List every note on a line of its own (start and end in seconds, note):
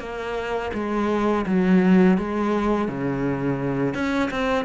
0.00 0.71 A#3
0.74 1.46 G#3
1.47 2.18 F#3
2.19 2.89 G#3
2.89 3.95 C#3
3.95 4.31 C#4
4.31 4.66 C4